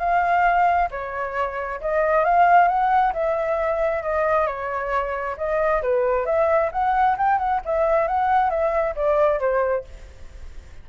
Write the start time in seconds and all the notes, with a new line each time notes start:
0.00 F5
0.91 C#5
1.81 D#5
2.24 F5
2.68 F#5
3.14 E5
4.03 D#5
4.47 C#5
5.37 D#5
5.82 B4
6.26 E5
6.72 F#5
7.18 G5
7.38 F#5
7.66 E5
8.08 F#5
8.50 E5
8.96 D5
9.40 C5